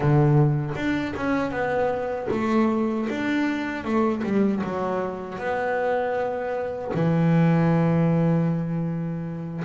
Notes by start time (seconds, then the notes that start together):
0.00 D3
0.75 D4
1.16 C#4
1.51 B3
2.31 A3
3.09 D4
3.84 A3
4.23 G3
4.63 F#3
5.38 B3
6.94 E3